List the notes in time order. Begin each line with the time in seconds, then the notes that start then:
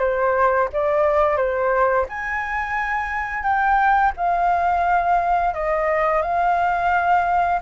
0.00 C5
0.73 D5
1.37 C5
2.09 G#5
3.44 G5
4.17 F5
5.55 D#5
6.23 F5